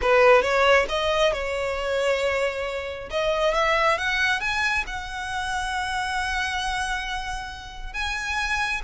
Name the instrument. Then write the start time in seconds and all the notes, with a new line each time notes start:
violin
0.01 B4
0.42 C#5
0.88 D#5
1.32 C#5
3.10 D#5
3.54 E5
3.98 F#5
4.40 G#5
4.86 F#5
7.93 G#5